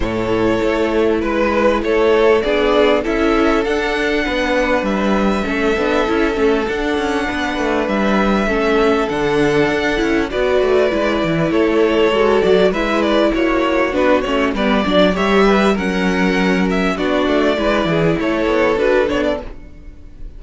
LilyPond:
<<
  \new Staff \with { instrumentName = "violin" } { \time 4/4 \tempo 4 = 99 cis''2 b'4 cis''4 | d''4 e''4 fis''2 | e''2. fis''4~ | fis''4 e''2 fis''4~ |
fis''4 d''2 cis''4~ | cis''8 d''8 e''8 d''8 cis''4 b'8 cis''8 | d''4 e''4 fis''4. e''8 | d''2 cis''4 b'8 cis''16 d''16 | }
  \new Staff \with { instrumentName = "violin" } { \time 4/4 a'2 b'4 a'4 | gis'4 a'2 b'4~ | b'4 a'2. | b'2 a'2~ |
a'4 b'2 a'4~ | a'4 b'4 fis'2 | b'8 d''8 cis''8 b'8 ais'2 | fis'4 b'8 gis'8 a'2 | }
  \new Staff \with { instrumentName = "viola" } { \time 4/4 e'1 | d'4 e'4 d'2~ | d'4 cis'8 d'8 e'8 cis'8 d'4~ | d'2 cis'4 d'4~ |
d'8 e'8 fis'4 e'2 | fis'4 e'2 d'8 cis'8 | b8 d'8 g'4 cis'2 | d'4 e'2 fis'8 d'8 | }
  \new Staff \with { instrumentName = "cello" } { \time 4/4 a,4 a4 gis4 a4 | b4 cis'4 d'4 b4 | g4 a8 b8 cis'8 a8 d'8 cis'8 | b8 a8 g4 a4 d4 |
d'8 cis'8 b8 a8 gis8 e8 a4 | gis8 fis8 gis4 ais4 b8 a8 | g8 fis8 g4 fis2 | b8 a8 gis8 e8 a8 b8 d'8 b8 | }
>>